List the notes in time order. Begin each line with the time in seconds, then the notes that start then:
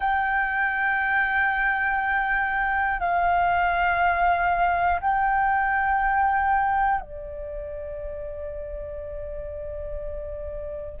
0.00 G5
3.00 F5
5.00 G5
7.00 D5